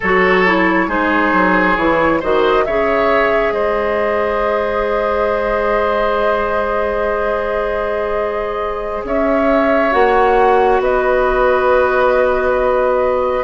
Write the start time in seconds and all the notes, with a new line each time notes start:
0.00 F#3 F#4 A4 C#5
0.47 E4
0.87 G#3 D#4 G#4 C5
1.33 F#3
1.76 E3 E4 C#5
2.20 D#3 F#4 C5 D#5
2.65 C#3 G#4 C#5 E5
3.50 G#3 C5 D#5
9.04 C#4 C#5 E5
9.91 A#3 F#4 F#5
10.80 B3 B4 D#5